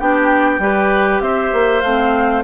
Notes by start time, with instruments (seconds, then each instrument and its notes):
0.00 bassoon B3, clarinet D4, oboe G4, flute G5
0.59 bassoon G3, clarinet G4, oboe B4
1.21 bassoon C4, oboe C5, flute E5
1.53 bassoon A#3
1.82 bassoon A3, clarinet C4, flute F5